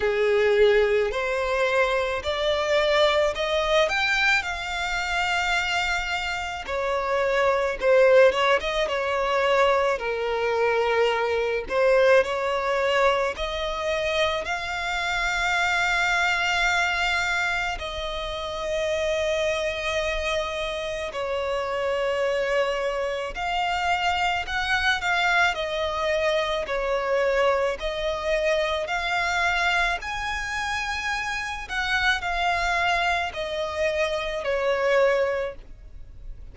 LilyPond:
\new Staff \with { instrumentName = "violin" } { \time 4/4 \tempo 4 = 54 gis'4 c''4 d''4 dis''8 g''8 | f''2 cis''4 c''8 cis''16 dis''16 | cis''4 ais'4. c''8 cis''4 | dis''4 f''2. |
dis''2. cis''4~ | cis''4 f''4 fis''8 f''8 dis''4 | cis''4 dis''4 f''4 gis''4~ | gis''8 fis''8 f''4 dis''4 cis''4 | }